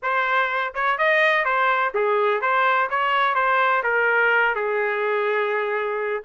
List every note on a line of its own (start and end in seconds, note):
0.02 0.74 C5
0.74 0.98 C#5
0.98 1.44 D#5
1.44 1.92 C5
1.94 2.41 G#4
2.41 2.89 C5
2.90 3.34 C#5
3.34 3.82 C5
3.83 4.55 A#4
4.55 6.23 G#4